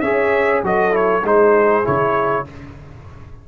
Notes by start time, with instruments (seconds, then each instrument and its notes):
0.00 tuba C#4, trombone G#4, horn C#5, trumpet E5
0.63 tuba F#3, trombone F#4, horn A4, trumpet D#5
0.91 trombone E4, trumpet C#5
1.23 tuba G#3, trombone D#4, horn G#4, trumpet C5
1.84 tuba C#3, trombone E4, trumpet C#5